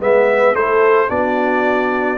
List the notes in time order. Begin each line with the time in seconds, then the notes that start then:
0.00 G#3 B3 B4 E5
0.54 A3 E4 A4 C5
1.08 B3 D4 F#4 D5